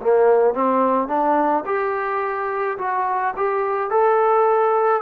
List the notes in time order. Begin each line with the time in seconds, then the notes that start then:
0.00 A#3
0.54 C4
1.08 D4
1.65 G4
2.78 F#4
3.36 G4
3.90 A4